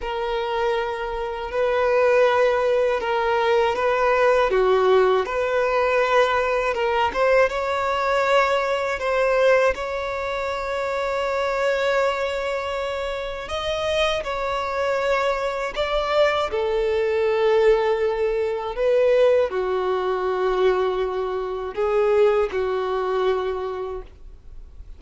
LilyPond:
\new Staff \with { instrumentName = "violin" } { \time 4/4 \tempo 4 = 80 ais'2 b'2 | ais'4 b'4 fis'4 b'4~ | b'4 ais'8 c''8 cis''2 | c''4 cis''2.~ |
cis''2 dis''4 cis''4~ | cis''4 d''4 a'2~ | a'4 b'4 fis'2~ | fis'4 gis'4 fis'2 | }